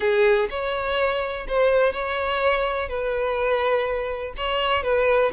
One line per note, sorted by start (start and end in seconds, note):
0.00 0.48 G#4
0.49 1.46 C#5
1.48 1.92 C5
1.92 2.88 C#5
2.88 4.34 B4
4.37 4.83 C#5
4.83 5.31 B4